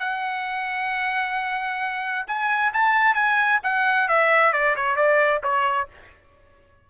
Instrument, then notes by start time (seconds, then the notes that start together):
trumpet
0.00 F#5
2.27 G#5
2.73 A5
3.15 G#5
3.64 F#5
4.08 E5
4.53 D5
4.77 C#5
4.96 D5
5.43 C#5